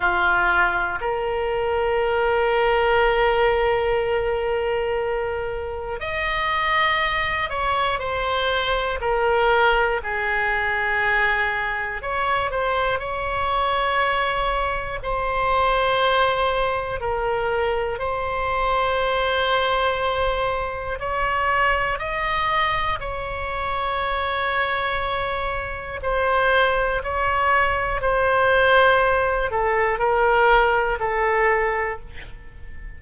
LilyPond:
\new Staff \with { instrumentName = "oboe" } { \time 4/4 \tempo 4 = 60 f'4 ais'2.~ | ais'2 dis''4. cis''8 | c''4 ais'4 gis'2 | cis''8 c''8 cis''2 c''4~ |
c''4 ais'4 c''2~ | c''4 cis''4 dis''4 cis''4~ | cis''2 c''4 cis''4 | c''4. a'8 ais'4 a'4 | }